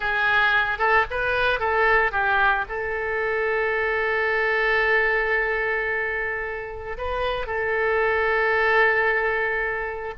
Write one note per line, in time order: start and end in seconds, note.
0.00 0.78 G#4
0.78 1.05 A4
1.10 1.59 B4
1.59 2.11 A4
2.11 2.65 G4
2.69 6.97 A4
6.97 7.46 B4
7.46 10.14 A4